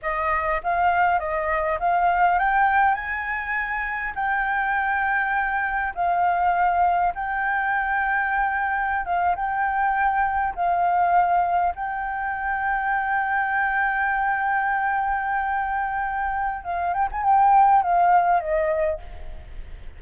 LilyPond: \new Staff \with { instrumentName = "flute" } { \time 4/4 \tempo 4 = 101 dis''4 f''4 dis''4 f''4 | g''4 gis''2 g''4~ | g''2 f''2 | g''2.~ g''16 f''8 g''16~ |
g''4.~ g''16 f''2 g''16~ | g''1~ | g''1 | f''8 g''16 gis''16 g''4 f''4 dis''4 | }